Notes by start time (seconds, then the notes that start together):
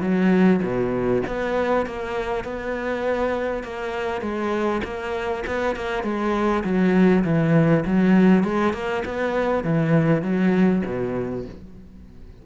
0.00 F#3
0.62 B2
1.27 B3
1.86 A#3
2.44 B3
3.63 A#3
4.21 G#3
4.84 A#3
5.46 B3
5.75 A#3
6.03 G#3
6.64 F#3
7.24 E3
7.85 F#3
8.43 G#3
8.73 A#3
9.05 B3
9.63 E3
10.22 F#3
10.85 B2